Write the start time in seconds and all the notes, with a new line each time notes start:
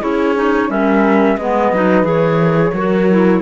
0.00 C#4 E4 G#4 C#5
0.36 D#4
0.69 G3 C#4 A#4 E5
1.37 G#3 B3 B4 D#5
1.72 F#3 D#4
2.03 E3 G#4
2.09 C#5
2.42 A#4
2.56 G#4
2.73 F#3 F#4 A#4
3.11 E4